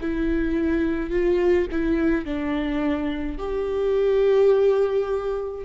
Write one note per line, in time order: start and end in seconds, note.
0.00 1.10 E4
1.10 1.67 F4
1.71 2.25 E4
2.25 3.38 D4
3.38 5.64 G4